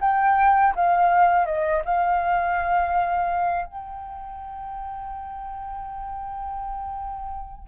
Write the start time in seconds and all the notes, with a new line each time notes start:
0.00 G5
0.75 F5
1.45 D#5
1.85 F5
3.65 G5